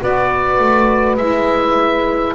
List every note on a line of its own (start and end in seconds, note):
0.00 0.59 B3
0.00 1.18 F#4
0.00 2.35 B4
0.00 1.16 D5
0.59 1.17 A3
1.16 2.35 G#3
1.16 2.35 E4
1.16 2.34 E5